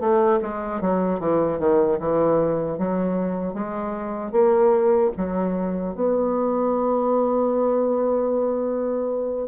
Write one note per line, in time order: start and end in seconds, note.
0.00 0.39 A3
0.42 0.81 G#3
0.81 1.19 F#3
1.19 1.59 E3
1.59 1.98 D#3
2.00 2.78 E3
2.78 3.54 F#3
3.54 4.32 G#3
4.32 5.11 A#3
5.17 5.95 F#3
5.95 9.48 B3